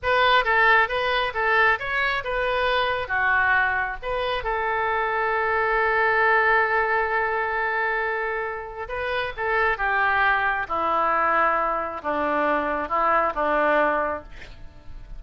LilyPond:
\new Staff \with { instrumentName = "oboe" } { \time 4/4 \tempo 4 = 135 b'4 a'4 b'4 a'4 | cis''4 b'2 fis'4~ | fis'4 b'4 a'2~ | a'1~ |
a'1 | b'4 a'4 g'2 | e'2. d'4~ | d'4 e'4 d'2 | }